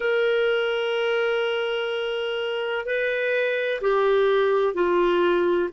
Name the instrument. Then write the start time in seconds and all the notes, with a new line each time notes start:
clarinet
0.00 A#4
2.85 B4
3.81 G4
4.74 F4